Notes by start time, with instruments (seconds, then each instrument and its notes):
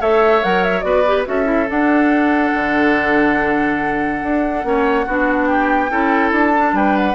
0.00 bassoon A3, clarinet A4, oboe C#5, flute E5
0.42 bassoon F#3, clarinet A#4, flute F#5
0.63 flute E5
0.80 bassoon B3, clarinet F#4, oboe B4, flute D5
1.06 clarinet G4
1.25 bassoon C#4, clarinet F#4, oboe A4, flute E5
1.44 clarinet E4
1.68 clarinet D4, bassoon D4, flute F#5
2.54 bassoon D3
4.22 bassoon D4
4.63 bassoon A#3, clarinet C#4, oboe C#5
5.06 bassoon B3, clarinet D4, oboe F#4
5.45 oboe G4, flute G5
5.90 bassoon C#4, clarinet E4, oboe A4
6.32 bassoon D4, flute A5
6.56 clarinet D4
6.72 bassoon G3, oboe B4, flute G5
6.97 flute F#5